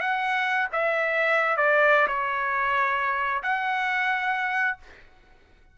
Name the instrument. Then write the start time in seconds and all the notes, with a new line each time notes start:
trumpet
0.00 F#5
0.72 E5
1.56 D5
2.07 C#5
3.42 F#5